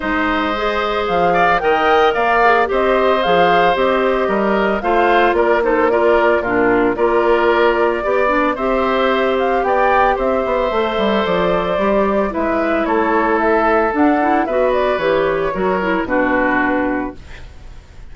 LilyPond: <<
  \new Staff \with { instrumentName = "flute" } { \time 4/4 \tempo 4 = 112 dis''2 f''4 g''4 | f''4 dis''4 f''4 dis''4~ | dis''4 f''4 d''8 c''8 d''4 | ais'4 d''2. |
e''4. f''8 g''4 e''4~ | e''4 d''2 e''4 | cis''4 e''4 fis''4 e''8 d''8 | cis''2 b'2 | }
  \new Staff \with { instrumentName = "oboe" } { \time 4/4 c''2~ c''8 d''8 dis''4 | d''4 c''2. | ais'4 c''4 ais'8 a'8 ais'4 | f'4 ais'2 d''4 |
c''2 d''4 c''4~ | c''2. b'4 | a'2. b'4~ | b'4 ais'4 fis'2 | }
  \new Staff \with { instrumentName = "clarinet" } { \time 4/4 dis'4 gis'2 ais'4~ | ais'8 gis'8 g'4 gis'4 g'4~ | g'4 f'4. dis'8 f'4 | d'4 f'2 g'8 d'8 |
g'1 | a'2 g'4 e'4~ | e'2 d'8 e'8 fis'4 | g'4 fis'8 e'8 d'2 | }
  \new Staff \with { instrumentName = "bassoon" } { \time 4/4 gis2 f4 dis4 | ais4 c'4 f4 c'4 | g4 a4 ais2 | ais,4 ais2 b4 |
c'2 b4 c'8 b8 | a8 g8 f4 g4 gis4 | a2 d'4 b4 | e4 fis4 b,2 | }
>>